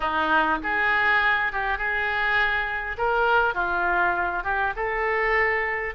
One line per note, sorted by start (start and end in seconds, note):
0.00 0.58 D#4
0.63 1.52 G#4
1.52 1.77 G4
1.77 2.96 G#4
2.97 3.54 A#4
3.54 4.43 F4
4.43 4.73 G4
4.76 5.94 A4